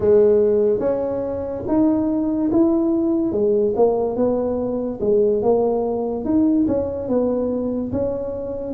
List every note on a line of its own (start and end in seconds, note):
0.00 0.79 G#3
0.79 1.62 C#4
1.67 2.50 D#4
2.51 3.31 E4
3.31 3.73 G#3
3.75 4.16 A#3
4.16 4.99 B3
5.00 5.42 G#3
5.42 6.24 A#3
6.24 6.66 D#4
6.67 7.08 C#4
7.08 7.91 B3
7.92 8.73 C#4